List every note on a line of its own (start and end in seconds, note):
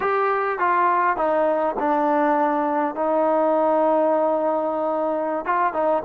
0.00 0.59 G4
0.59 1.16 F4
1.16 1.75 D#4
1.79 2.95 D4
2.95 5.45 D#4
5.45 5.73 F4
5.73 6.02 D#4